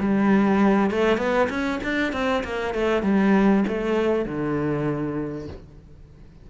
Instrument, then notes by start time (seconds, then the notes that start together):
cello
0.00 G3
0.91 A3
1.18 B3
1.50 C#4
1.84 D4
2.13 C4
2.44 A#3
2.75 A3
3.03 G3
3.68 A3
4.26 D3